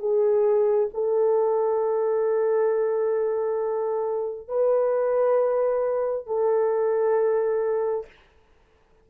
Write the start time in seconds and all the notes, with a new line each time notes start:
0.00 G#4
0.94 A4
4.49 B4
6.27 A4